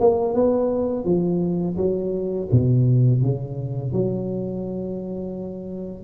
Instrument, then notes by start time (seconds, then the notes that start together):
tuba
0.00 A#3
0.34 B3
1.05 F3
1.77 F#3
2.52 B2
3.22 C#3
3.93 F#3